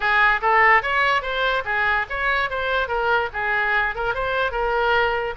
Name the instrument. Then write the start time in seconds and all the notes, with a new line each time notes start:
oboe
0.00 G#4
0.41 A4
0.82 C#5
1.22 C5
1.64 G#4
2.09 C#5
2.49 C5
2.88 A#4
3.33 G#4
3.95 A#4
4.14 C5
4.51 A#4